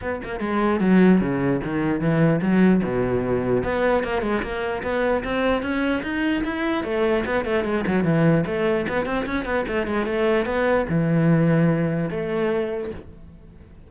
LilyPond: \new Staff \with { instrumentName = "cello" } { \time 4/4 \tempo 4 = 149 b8 ais8 gis4 fis4 cis4 | dis4 e4 fis4 b,4~ | b,4 b4 ais8 gis8 ais4 | b4 c'4 cis'4 dis'4 |
e'4 a4 b8 a8 gis8 fis8 | e4 a4 b8 c'8 cis'8 b8 | a8 gis8 a4 b4 e4~ | e2 a2 | }